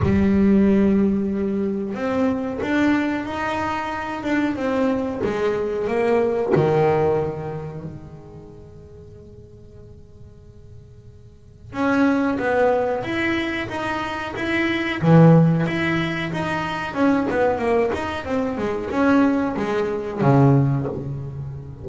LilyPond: \new Staff \with { instrumentName = "double bass" } { \time 4/4 \tempo 4 = 92 g2. c'4 | d'4 dis'4. d'8 c'4 | gis4 ais4 dis2 | gis1~ |
gis2 cis'4 b4 | e'4 dis'4 e'4 e4 | e'4 dis'4 cis'8 b8 ais8 dis'8 | c'8 gis8 cis'4 gis4 cis4 | }